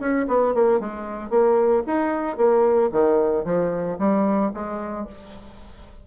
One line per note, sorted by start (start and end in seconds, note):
0.00 0.27 C#4
0.28 0.54 B3
0.54 0.80 A#3
0.80 1.30 G#3
1.30 1.83 A#3
1.87 2.37 D#4
2.37 2.90 A#3
2.92 3.45 D#3
3.45 3.98 F3
3.99 4.52 G3
4.54 5.07 G#3